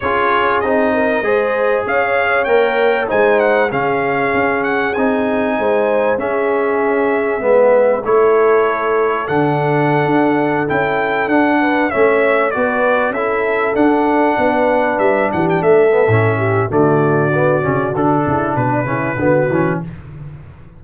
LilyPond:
<<
  \new Staff \with { instrumentName = "trumpet" } { \time 4/4 \tempo 4 = 97 cis''4 dis''2 f''4 | g''4 gis''8 fis''8 f''4. fis''8 | gis''2 e''2~ | e''4 cis''2 fis''4~ |
fis''4~ fis''16 g''4 fis''4 e''8.~ | e''16 d''4 e''4 fis''4.~ fis''16~ | fis''16 e''8 fis''16 g''16 e''4.~ e''16 d''4~ | d''4 a'4 b'2 | }
  \new Staff \with { instrumentName = "horn" } { \time 4/4 gis'4. ais'8 c''4 cis''4~ | cis''4 c''4 gis'2~ | gis'4 c''4 gis'2 | b'4 a'2.~ |
a'2~ a'8. b'8 cis''8.~ | cis''16 b'4 a'2 b'8.~ | b'8. g'8 a'4~ a'16 g'8 fis'4~ | fis'4. e'8 d'8 e'8 fis'4 | }
  \new Staff \with { instrumentName = "trombone" } { \time 4/4 f'4 dis'4 gis'2 | ais'4 dis'4 cis'2 | dis'2 cis'2 | b4 e'2 d'4~ |
d'4~ d'16 e'4 d'4 cis'8.~ | cis'16 fis'4 e'4 d'4.~ d'16~ | d'4.~ d'16 b16 cis'4 a4 | b8 cis'8 d'4. cis'8 b8 cis'8 | }
  \new Staff \with { instrumentName = "tuba" } { \time 4/4 cis'4 c'4 gis4 cis'4 | ais4 gis4 cis4 cis'4 | c'4 gis4 cis'2 | gis4 a2 d4~ |
d16 d'4 cis'4 d'4 a8.~ | a16 b4 cis'4 d'4 b8.~ | b16 g8 e8 a8. a,4 d4~ | d8 cis8 d8 cis8 b,8 cis8 d8 e8 | }
>>